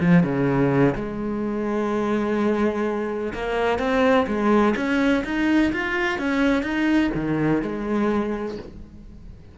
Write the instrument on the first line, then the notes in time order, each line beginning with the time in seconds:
cello
0.00 F3
0.23 C#3
0.95 G#3
3.34 A#3
3.78 C4
4.27 G#3
4.76 C#4
5.24 D#4
5.72 F4
6.18 C#4
6.63 D#4
7.15 D#3
7.62 G#3